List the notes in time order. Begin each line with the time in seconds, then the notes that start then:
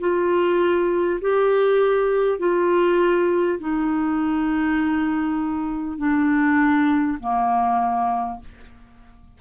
0.00 F4
1.21 G4
2.39 F4
3.59 D#4
5.98 D4
7.19 A#3